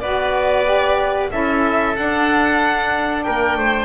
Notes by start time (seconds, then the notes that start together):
0.00 B3 F#4 B4 D5
0.65 G4
1.30 C#4 E4 A4 E5
1.96 D4 F#5
3.23 A#3 A#4 G5
3.56 A3 C5